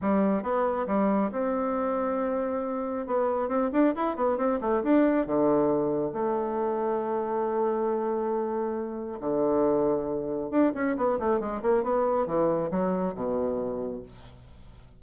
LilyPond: \new Staff \with { instrumentName = "bassoon" } { \time 4/4 \tempo 4 = 137 g4 b4 g4 c'4~ | c'2. b4 | c'8 d'8 e'8 b8 c'8 a8 d'4 | d2 a2~ |
a1~ | a4 d2. | d'8 cis'8 b8 a8 gis8 ais8 b4 | e4 fis4 b,2 | }